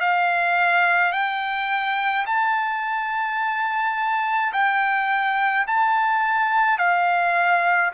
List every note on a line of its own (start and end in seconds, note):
0.00 1.12 F5
1.12 2.25 G5
2.26 4.52 A5
4.53 5.66 G5
5.67 6.78 A5
6.78 7.91 F5